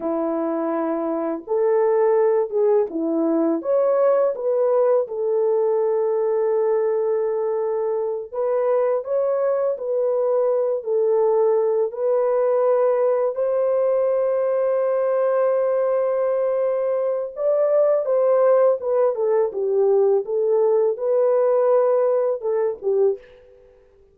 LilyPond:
\new Staff \with { instrumentName = "horn" } { \time 4/4 \tempo 4 = 83 e'2 a'4. gis'8 | e'4 cis''4 b'4 a'4~ | a'2.~ a'8 b'8~ | b'8 cis''4 b'4. a'4~ |
a'8 b'2 c''4.~ | c''1 | d''4 c''4 b'8 a'8 g'4 | a'4 b'2 a'8 g'8 | }